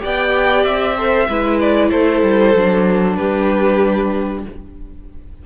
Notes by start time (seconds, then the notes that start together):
0.00 B3 G4 D5 G5
0.65 C4 E5
0.97 A4 C5
1.29 G#3 E4 B4
1.61 D5
1.91 A3 A4 C5
2.23 G3
2.55 F#3 D4
3.16 G3 G4 B4